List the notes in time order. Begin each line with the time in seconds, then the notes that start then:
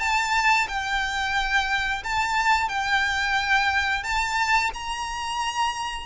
0.00 A5
0.68 G5
2.04 A5
2.69 G5
4.03 A5
4.74 A#5